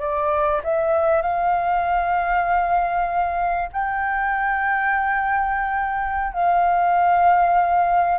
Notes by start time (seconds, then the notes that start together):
0.00 D5
0.64 E5
1.22 F5
3.73 G5
6.33 F5